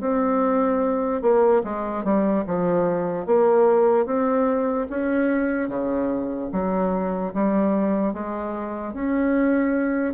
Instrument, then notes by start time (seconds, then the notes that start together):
bassoon
0.00 C4
1.22 A#3
1.64 G#3
2.04 G3
2.46 F3
3.26 A#3
4.06 C4
4.90 C#4
5.68 C#3
6.52 F#3
7.33 G3
8.13 G#3
8.93 C#4